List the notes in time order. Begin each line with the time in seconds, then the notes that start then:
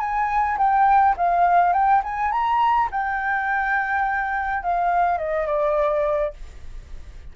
0.00 G#5
0.58 G5
1.17 F5
1.73 G5
2.04 G#5
2.32 A#5
2.92 G5
4.63 F5
5.18 D#5
5.47 D5